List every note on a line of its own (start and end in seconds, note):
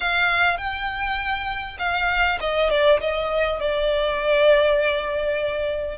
0.00 0.57 F5
0.57 1.77 G5
1.78 2.38 F5
2.40 2.70 D#5
2.70 3.00 D5
3.00 3.60 D#5
3.60 5.98 D5